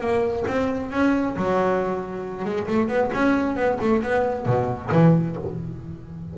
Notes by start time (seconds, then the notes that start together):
0.00 A#3
0.47 C4
0.91 C#4
1.36 F#3
2.45 G#3
2.67 A3
2.88 B3
3.13 C#4
3.56 B3
3.80 A3
4.03 B3
4.46 B2
4.92 E3